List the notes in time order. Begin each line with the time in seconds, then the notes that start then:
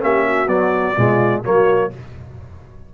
0.00 A#3 C#4 G4 E5
0.26 F#4
0.47 F#3 B3 D5
0.96 B2 G#3 F4
1.44 F#3 A#3 F#4 C#5